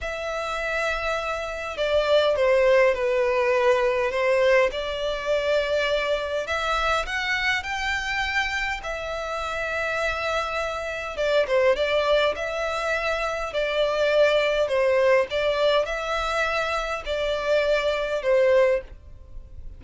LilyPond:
\new Staff \with { instrumentName = "violin" } { \time 4/4 \tempo 4 = 102 e''2. d''4 | c''4 b'2 c''4 | d''2. e''4 | fis''4 g''2 e''4~ |
e''2. d''8 c''8 | d''4 e''2 d''4~ | d''4 c''4 d''4 e''4~ | e''4 d''2 c''4 | }